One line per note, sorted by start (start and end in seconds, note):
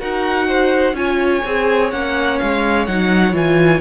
0.00 0.93 D#4
0.00 0.95 F#4
0.00 0.48 A#4
0.00 0.96 F#5
0.48 0.96 C5
0.93 1.41 C#4
0.93 1.44 F4
0.93 3.81 C#5
0.93 1.92 G#5
1.46 1.93 C4
1.46 1.92 G#4
1.92 2.40 A#3
1.92 2.87 C#4
1.92 2.39 F#5
2.39 2.88 G#3
2.39 2.87 F5
2.87 3.34 F#3
2.87 3.33 D#4
2.87 3.34 F#5
3.33 3.81 E3
3.33 3.81 F4
3.33 3.81 G#5